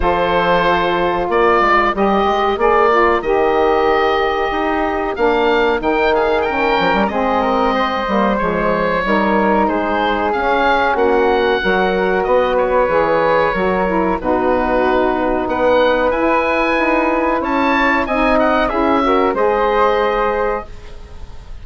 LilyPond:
<<
  \new Staff \with { instrumentName = "oboe" } { \time 4/4 \tempo 4 = 93 c''2 d''4 dis''4 | d''4 dis''2. | f''4 g''8 f''8 g''4 dis''4~ | dis''4 cis''2 c''4 |
f''4 fis''2 dis''8 cis''8~ | cis''2 b'2 | fis''4 gis''2 a''4 | gis''8 fis''8 e''4 dis''2 | }
  \new Staff \with { instrumentName = "flute" } { \time 4/4 a'2 ais'2~ | ais'1~ | ais'4. gis'8 ais'4 gis'8 ais'8 | c''2 ais'4 gis'4~ |
gis'4 fis'4 ais'4 b'4~ | b'4 ais'4 fis'2 | b'2. cis''4 | dis''4 gis'8 ais'8 c''2 | }
  \new Staff \with { instrumentName = "saxophone" } { \time 4/4 f'2. g'4 | gis'8 f'8 g'2. | d'4 dis'4 cis'4 c'4~ | c'8 ais8 gis4 dis'2 |
cis'2 fis'2 | gis'4 fis'8 e'8 dis'2~ | dis'4 e'2. | dis'4 e'8 fis'8 gis'2 | }
  \new Staff \with { instrumentName = "bassoon" } { \time 4/4 f2 ais8 gis8 g8 gis8 | ais4 dis2 dis'4 | ais4 dis4. f16 g16 gis4~ | gis8 g8 f4 g4 gis4 |
cis'4 ais4 fis4 b4 | e4 fis4 b,2 | b4 e'4 dis'4 cis'4 | c'4 cis'4 gis2 | }
>>